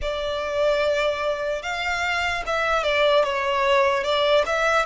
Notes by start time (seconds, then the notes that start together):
0.01 D5
1.62 F5
2.46 E5
2.83 D5
3.23 C#5
4.03 D5
4.46 E5